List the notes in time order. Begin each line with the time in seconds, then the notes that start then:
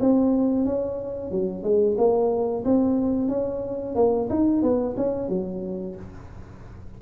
0.00 C4
0.65 C#4
1.31 F#3
1.63 G#3
1.97 A#3
2.65 C4
3.28 C#4
3.95 A#3
4.29 D#4
4.62 B3
4.96 C#4
5.29 F#3